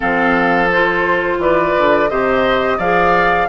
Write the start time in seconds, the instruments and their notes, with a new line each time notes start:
0.00 bassoon F3, clarinet C4, oboe A4, flute F5
0.72 clarinet F4, flute C5
1.38 bassoon E3, oboe B4, flute D5
1.78 bassoon D3
2.09 bassoon C3, clarinet G4, oboe C5, flute D#5
2.77 bassoon F3, clarinet G#4, oboe D5, flute F5